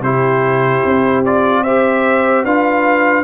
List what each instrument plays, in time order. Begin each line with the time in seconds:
0.00 tuba C3, trombone E4, horn G4, trumpet C5
0.84 tuba C4
1.25 trombone F4, trumpet D5
1.62 trombone G4, horn C5, trumpet E5
2.44 tuba D4, trombone F4, horn B4, trumpet F5